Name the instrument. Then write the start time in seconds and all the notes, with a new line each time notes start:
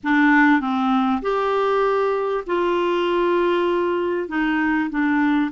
clarinet
0.03 D4
0.60 C4
1.22 G4
2.46 F4
4.28 D#4
4.90 D4